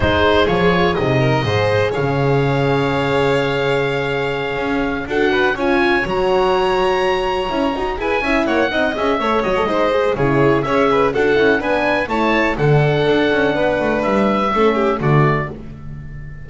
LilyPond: <<
  \new Staff \with { instrumentName = "oboe" } { \time 4/4 \tempo 4 = 124 c''4 cis''4 dis''2 | f''1~ | f''2~ f''8 fis''4 gis''8~ | gis''8 ais''2.~ ais''8~ |
ais''8 gis''4 fis''4 e''4 dis''8~ | dis''4 cis''4 e''4 fis''4 | gis''4 a''4 fis''2~ | fis''4 e''2 d''4 | }
  \new Staff \with { instrumentName = "violin" } { \time 4/4 gis'2~ gis'8 ais'8 c''4 | cis''1~ | cis''2~ cis''8 a'8 b'8 cis''8~ | cis''1~ |
cis''8 b'8 e''8 cis''8 dis''4 cis''4 | c''4 gis'4 cis''8 b'8 a'4 | b'4 cis''4 a'2 | b'2 a'8 g'8 fis'4 | }
  \new Staff \with { instrumentName = "horn" } { \time 4/4 dis'4 f'4 dis'4 gis'4~ | gis'1~ | gis'2~ gis'8 fis'4 f'8~ | f'8 fis'2. e'8 |
fis'8 gis'8 e'4 dis'8 gis'8 a'8 fis'16 a'16 | dis'8 gis'8 e'4 gis'4 fis'8 e'8 | d'4 e'4 d'2~ | d'2 cis'4 a4 | }
  \new Staff \with { instrumentName = "double bass" } { \time 4/4 gis4 f4 c4 gis,4 | cis1~ | cis4. cis'4 d'4 cis'8~ | cis'8 fis2. cis'8 |
dis'8 e'8 cis'8 ais8 c'8 cis'8 a8 fis8 | gis4 cis4 cis'4 d'8 cis'8 | b4 a4 d4 d'8 cis'8 | b8 a8 g4 a4 d4 | }
>>